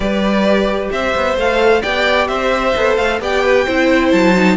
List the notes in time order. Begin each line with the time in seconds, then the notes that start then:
0.00 G3 G4 B4 D5
0.91 C4 C5 E5
1.15 B3
1.36 A3 A4 F5
1.82 B3 G4 D5 G5
2.27 C4 C5 E5
2.76 B3 A4
2.96 A3 F5
3.20 B3 G4 D5 G5
3.43 B4
3.65 C4 E4 C5
4.11 F#3 A5
4.35 D#4